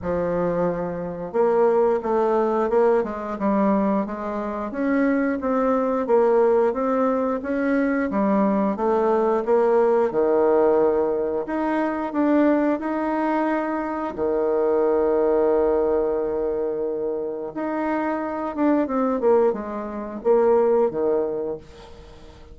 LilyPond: \new Staff \with { instrumentName = "bassoon" } { \time 4/4 \tempo 4 = 89 f2 ais4 a4 | ais8 gis8 g4 gis4 cis'4 | c'4 ais4 c'4 cis'4 | g4 a4 ais4 dis4~ |
dis4 dis'4 d'4 dis'4~ | dis'4 dis2.~ | dis2 dis'4. d'8 | c'8 ais8 gis4 ais4 dis4 | }